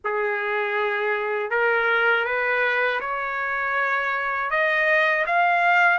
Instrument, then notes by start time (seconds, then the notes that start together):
trumpet
0.04 G#4
1.50 A#4
2.25 B4
3.00 C#5
4.50 D#5
5.26 F5